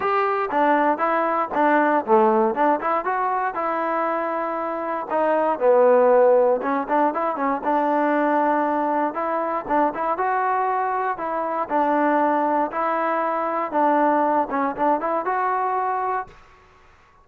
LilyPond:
\new Staff \with { instrumentName = "trombone" } { \time 4/4 \tempo 4 = 118 g'4 d'4 e'4 d'4 | a4 d'8 e'8 fis'4 e'4~ | e'2 dis'4 b4~ | b4 cis'8 d'8 e'8 cis'8 d'4~ |
d'2 e'4 d'8 e'8 | fis'2 e'4 d'4~ | d'4 e'2 d'4~ | d'8 cis'8 d'8 e'8 fis'2 | }